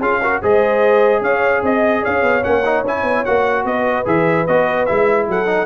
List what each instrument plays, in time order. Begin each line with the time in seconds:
0.00 tuba C#4, trombone F4, horn G#4, trumpet F5
0.21 trombone F#4, horn A#4
0.42 tuba G#3, trombone G#4, horn C5, trumpet D#5
1.21 tuba C#4, horn C#5, trumpet F5
1.62 tuba C4, horn D#5, trumpet D#5
2.03 tuba C#4, horn C#5, trumpet F5
2.23 tuba B3
2.43 tuba A#3, trombone C#4, trumpet F#5
2.65 trombone D#4
2.84 tuba C#4, trombone E4, trumpet G#5
3.03 tuba B3
3.25 tuba A#3, trombone F#4, trumpet F#5
3.65 tuba B3, horn B4, trumpet D#5
4.05 tuba E3, trombone G#4, trumpet E5
4.47 tuba B3, trombone F#4, trumpet D#5
4.86 tuba G#3, trombone E4, trumpet E5
5.28 tuba F#3, horn A4, trumpet F#5
5.46 trombone D#4